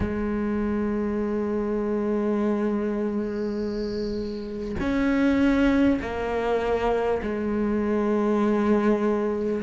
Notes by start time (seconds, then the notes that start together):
0.00 G#3
4.80 C#4
6.01 A#3
7.22 G#3